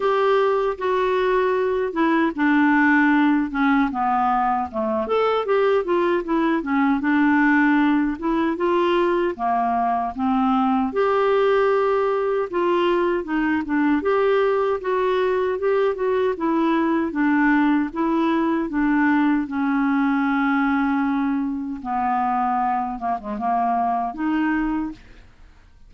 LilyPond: \new Staff \with { instrumentName = "clarinet" } { \time 4/4 \tempo 4 = 77 g'4 fis'4. e'8 d'4~ | d'8 cis'8 b4 a8 a'8 g'8 f'8 | e'8 cis'8 d'4. e'8 f'4 | ais4 c'4 g'2 |
f'4 dis'8 d'8 g'4 fis'4 | g'8 fis'8 e'4 d'4 e'4 | d'4 cis'2. | b4. ais16 gis16 ais4 dis'4 | }